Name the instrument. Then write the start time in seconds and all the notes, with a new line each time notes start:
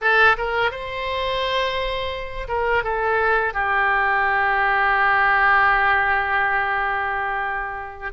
oboe
0.01 A4
0.37 A#4
0.71 C5
2.48 A#4
2.83 A4
3.53 G4